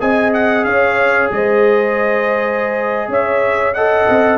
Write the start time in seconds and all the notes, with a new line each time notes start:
0.00 C4 G#4 D#5 G#5
0.34 F#5
0.64 C#4 C#5 F5
1.31 G#3 C5 D#5
3.08 C#4 C#5 E5
3.74 A4 D#5 F#5
4.09 C4